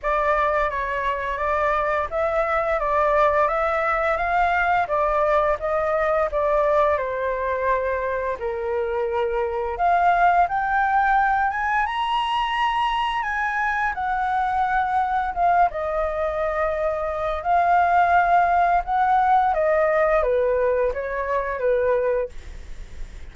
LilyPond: \new Staff \with { instrumentName = "flute" } { \time 4/4 \tempo 4 = 86 d''4 cis''4 d''4 e''4 | d''4 e''4 f''4 d''4 | dis''4 d''4 c''2 | ais'2 f''4 g''4~ |
g''8 gis''8 ais''2 gis''4 | fis''2 f''8 dis''4.~ | dis''4 f''2 fis''4 | dis''4 b'4 cis''4 b'4 | }